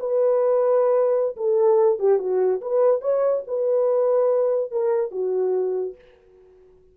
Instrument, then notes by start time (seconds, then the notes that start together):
horn
0.00 B4
1.37 A4
1.99 G4
2.19 F#4
2.61 B4
3.01 C#5
3.47 B4
4.71 A#4
5.12 F#4